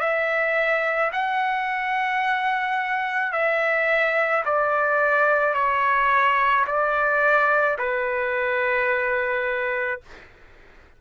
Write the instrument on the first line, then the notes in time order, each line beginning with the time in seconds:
trumpet
0.00 E5
1.13 F#5
3.33 E5
4.45 D5
5.54 C#5
6.67 D5
7.78 B4